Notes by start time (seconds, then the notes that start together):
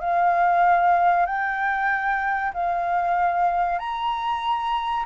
0.00 F5
1.26 G5
2.54 F5
3.79 A#5